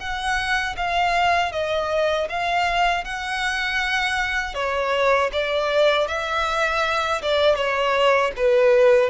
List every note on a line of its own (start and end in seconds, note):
0.00 0.76 F#5
0.77 1.52 F5
1.52 2.28 D#5
2.29 3.04 F5
3.04 4.54 F#5
4.54 5.30 C#5
5.33 6.08 D5
6.08 7.22 E5
7.22 7.56 D5
7.56 8.32 C#5
8.36 9.10 B4